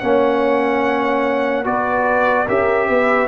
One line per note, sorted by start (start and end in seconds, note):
0.00 1.66 A#3
0.00 1.64 C#4
0.00 1.65 C#5
0.00 1.64 F#5
1.64 2.48 B3
1.64 2.47 F#4
1.64 2.47 B4
1.64 2.48 D5
2.47 2.89 C#4
2.47 3.28 G4
2.47 2.88 A#4
2.47 3.28 E5
2.89 3.28 B3
2.89 3.28 B4